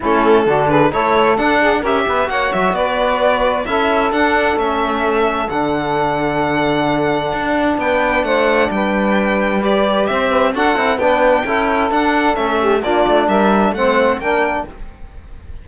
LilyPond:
<<
  \new Staff \with { instrumentName = "violin" } { \time 4/4 \tempo 4 = 131 a'4. b'8 cis''4 fis''4 | e''4 fis''8 e''8 d''2 | e''4 fis''4 e''2 | fis''1~ |
fis''4 g''4 fis''4 g''4~ | g''4 d''4 e''4 fis''4 | g''2 fis''4 e''4 | d''4 e''4 fis''4 g''4 | }
  \new Staff \with { instrumentName = "saxophone" } { \time 4/4 e'4 fis'8 gis'8 a'4. gis'8 | ais'8 b'8 cis''4 b'2 | a'1~ | a'1~ |
a'4 b'4 c''4 b'4~ | b'2 c''8 b'8 a'4 | b'4 a'2~ a'8 g'8 | f'4 ais'4 c''4 ais'4 | }
  \new Staff \with { instrumentName = "trombone" } { \time 4/4 cis'4 d'4 e'4 d'4 | g'4 fis'2. | e'4 d'4 cis'2 | d'1~ |
d'1~ | d'4 g'2 fis'8 e'8 | d'4 e'4 d'4 cis'4 | d'2 c'4 d'4 | }
  \new Staff \with { instrumentName = "cello" } { \time 4/4 a4 d4 a4 d'4 | cis'8 b8 ais8 fis8 b2 | cis'4 d'4 a2 | d1 |
d'4 b4 a4 g4~ | g2 c'4 d'8 c'8 | b4 cis'4 d'4 a4 | ais8 a8 g4 a4 ais4 | }
>>